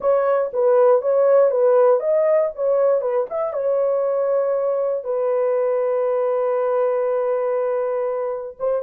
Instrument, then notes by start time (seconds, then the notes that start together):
horn
0.00 C#5
0.53 B4
1.01 C#5
1.51 B4
1.99 D#5
2.55 C#5
3.01 B4
3.29 E5
3.53 C#5
5.04 B4
8.59 C5